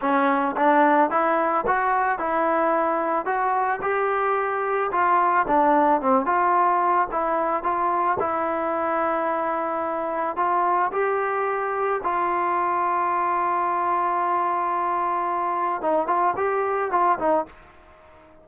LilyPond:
\new Staff \with { instrumentName = "trombone" } { \time 4/4 \tempo 4 = 110 cis'4 d'4 e'4 fis'4 | e'2 fis'4 g'4~ | g'4 f'4 d'4 c'8 f'8~ | f'4 e'4 f'4 e'4~ |
e'2. f'4 | g'2 f'2~ | f'1~ | f'4 dis'8 f'8 g'4 f'8 dis'8 | }